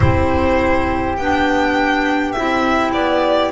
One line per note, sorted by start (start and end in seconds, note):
0.00 1.17 C4
0.00 1.17 E4
0.00 3.52 G4
0.00 1.15 C5
1.16 2.35 B3
1.16 2.36 D4
1.16 2.32 G5
2.32 2.93 C4
2.32 3.52 E4
2.32 2.90 E5
2.92 3.52 B3
2.92 3.51 D5